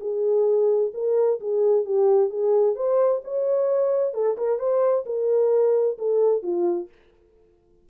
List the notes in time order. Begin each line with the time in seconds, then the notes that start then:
0.00 G#4
0.94 A#4
1.40 G#4
1.85 G4
2.30 G#4
2.76 C5
3.24 C#5
4.14 A4
4.37 A#4
4.59 C5
5.06 A#4
5.98 A4
6.43 F4